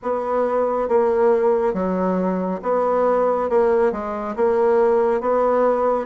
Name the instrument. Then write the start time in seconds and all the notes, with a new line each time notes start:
bassoon
0.02 B3
0.88 A#3
1.73 F#3
2.62 B3
3.49 A#3
3.91 G#3
4.36 A#3
5.20 B3